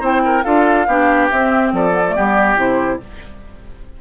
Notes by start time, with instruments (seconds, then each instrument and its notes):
0.00 bassoon C4, clarinet E4, oboe C5, flute G5
0.24 oboe A#4
0.43 bassoon D4, clarinet F4, oboe A4, flute F5
0.87 bassoon B3, clarinet D4, oboe G4
1.30 bassoon C4, clarinet C4, flute E5
1.72 bassoon F3, oboe A4, flute D5
1.91 clarinet B3
2.08 clarinet A3
2.15 bassoon G3, clarinet B3, oboe G4
2.56 bassoon C3, clarinet E4, flute C5